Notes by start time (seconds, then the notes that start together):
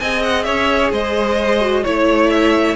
0.00 C4 G#4 D#5 G#5
0.23 F#5
0.43 C#4 C#5 E5
0.92 G#3 C5 D#5
1.61 F#4
1.84 A3 E4 C#5
2.30 E5